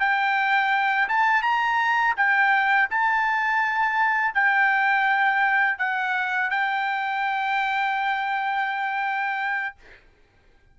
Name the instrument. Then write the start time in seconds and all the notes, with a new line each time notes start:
trumpet
0.00 G5
1.09 A5
1.42 A#5
2.17 G5
2.90 A5
4.34 G5
5.78 F#5
6.51 G5